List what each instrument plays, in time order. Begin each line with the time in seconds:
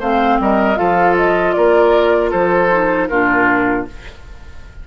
0.00 bassoon A3, clarinet C4, oboe C5, flute F5
0.40 bassoon G3, oboe A#4, flute D#5
0.76 bassoon F3, clarinet F4, oboe A4, flute F5
1.17 flute D#5
1.53 bassoon A#3, oboe A#4, flute D5
2.31 bassoon F3, oboe A4, flute C5
2.71 clarinet D#4
3.08 bassoon A#2, clarinet D4, oboe F4, flute A#4